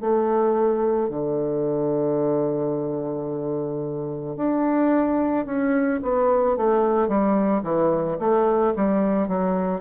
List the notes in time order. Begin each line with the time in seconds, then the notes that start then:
0.00 A3
1.09 D3
4.36 D4
5.45 C#4
6.02 B3
6.57 A3
7.08 G3
7.63 E3
8.19 A3
8.76 G3
9.28 F#3